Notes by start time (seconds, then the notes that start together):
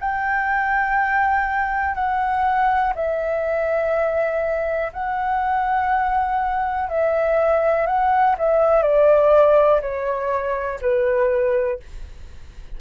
0.00 G5
1.95 F#5
2.96 E5
4.93 F#5
6.89 E5
7.87 F#5
8.38 E5
8.83 D5
9.82 C#5
10.82 B4